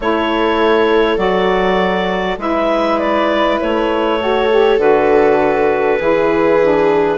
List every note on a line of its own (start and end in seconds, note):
0.00 1.17 A3
0.00 1.17 E4
0.00 2.40 A4
0.00 1.18 C#5
1.17 2.37 F#3
1.17 2.37 F#4
1.17 2.38 D5
2.38 3.58 G#3
2.38 4.19 E4
2.38 4.20 B4
2.38 2.98 E5
2.98 3.58 D5
3.60 4.77 A3
3.60 4.80 C#5
4.19 4.49 F#4
4.19 6.00 A4
4.50 4.78 G4
4.77 5.97 D3
4.77 5.98 F#4
4.77 7.17 B4
5.99 7.17 E3
5.99 6.59 E4
5.99 7.17 G#4
6.61 7.17 D4